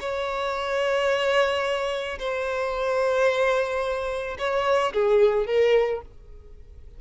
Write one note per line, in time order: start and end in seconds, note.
0.00 2.18 C#5
2.19 4.37 C5
4.38 4.93 C#5
4.93 5.46 G#4
5.46 6.01 A#4